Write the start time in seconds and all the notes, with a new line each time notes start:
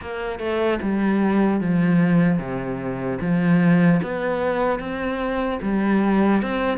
0.01 A#3
0.39 A3
0.81 G3
1.60 F3
2.39 C3
3.20 F3
4.02 B3
4.79 C4
5.62 G3
6.42 C4